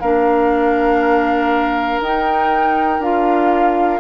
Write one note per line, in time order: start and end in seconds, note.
0.00 2.00 A#3
0.00 2.03 D4
0.00 4.00 A#4
0.00 2.00 F5
2.00 2.99 D#4
2.00 3.02 D#4
2.00 3.02 G5
2.99 3.99 D4
2.99 4.00 F4
2.99 4.00 F5